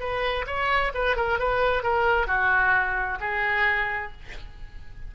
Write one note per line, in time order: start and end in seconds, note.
0.00 0.46 B4
0.47 0.93 C#5
0.95 1.17 B4
1.17 1.39 A#4
1.39 1.83 B4
1.83 2.27 A#4
2.27 3.19 F#4
3.21 4.12 G#4